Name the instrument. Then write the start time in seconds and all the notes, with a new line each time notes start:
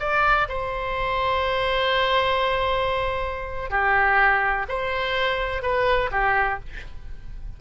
oboe
0.00 D5
0.49 C5
3.70 G4
4.69 C5
5.62 B4
6.12 G4